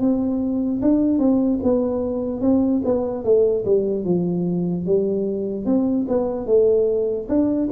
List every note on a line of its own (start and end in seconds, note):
0.00 0.81 C4
0.82 1.19 D4
1.19 1.60 C4
1.63 2.41 B3
2.41 2.82 C4
2.85 3.24 B3
3.24 3.65 A3
3.65 4.05 G3
4.05 4.86 F3
4.86 5.66 G3
5.66 6.06 C4
6.08 6.46 B3
6.46 7.28 A3
7.29 7.69 D4